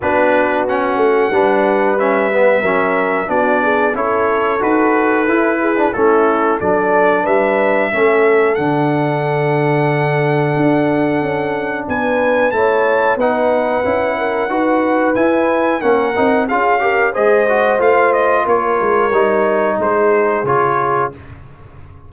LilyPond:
<<
  \new Staff \with { instrumentName = "trumpet" } { \time 4/4 \tempo 4 = 91 b'4 fis''2 e''4~ | e''4 d''4 cis''4 b'4~ | b'4 a'4 d''4 e''4~ | e''4 fis''2.~ |
fis''2 gis''4 a''4 | fis''2. gis''4 | fis''4 f''4 dis''4 f''8 dis''8 | cis''2 c''4 cis''4 | }
  \new Staff \with { instrumentName = "horn" } { \time 4/4 fis'2 b'2 | ais'4 fis'8 gis'8 a'2~ | a'8 gis'8 e'4 a'4 b'4 | a'1~ |
a'2 b'4 cis''4 | b'4. ais'8 b'2 | ais'4 gis'8 ais'8 c''2 | ais'2 gis'2 | }
  \new Staff \with { instrumentName = "trombone" } { \time 4/4 d'4 cis'4 d'4 cis'8 b8 | cis'4 d'4 e'4 fis'4 | e'8. d'16 cis'4 d'2 | cis'4 d'2.~ |
d'2. e'4 | dis'4 e'4 fis'4 e'4 | cis'8 dis'8 f'8 g'8 gis'8 fis'8 f'4~ | f'4 dis'2 f'4 | }
  \new Staff \with { instrumentName = "tuba" } { \time 4/4 b4. a8 g2 | fis4 b4 cis'4 dis'4 | e'4 a4 fis4 g4 | a4 d2. |
d'4 cis'4 b4 a4 | b4 cis'4 dis'4 e'4 | ais8 c'8 cis'4 gis4 a4 | ais8 gis8 g4 gis4 cis4 | }
>>